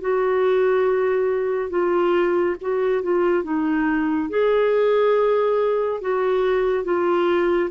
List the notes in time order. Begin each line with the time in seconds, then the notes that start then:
0.00 F#4
1.69 F4
2.61 F#4
3.02 F4
3.43 D#4
4.29 G#4
6.00 F#4
6.84 F4